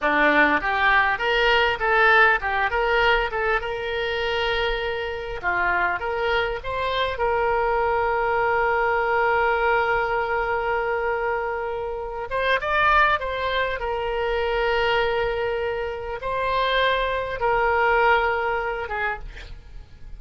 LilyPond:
\new Staff \with { instrumentName = "oboe" } { \time 4/4 \tempo 4 = 100 d'4 g'4 ais'4 a'4 | g'8 ais'4 a'8 ais'2~ | ais'4 f'4 ais'4 c''4 | ais'1~ |
ais'1~ | ais'8 c''8 d''4 c''4 ais'4~ | ais'2. c''4~ | c''4 ais'2~ ais'8 gis'8 | }